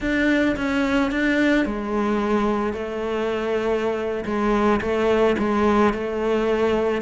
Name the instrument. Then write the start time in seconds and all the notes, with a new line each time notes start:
cello
0.01 D4
0.56 C#4
1.11 D4
1.65 G#3
2.73 A3
4.25 G#3
4.81 A3
5.38 G#3
5.93 A3